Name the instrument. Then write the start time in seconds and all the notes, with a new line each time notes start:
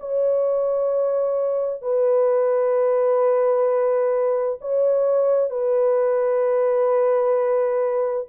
horn
0.00 C#5
1.82 B4
4.61 C#5
5.50 B4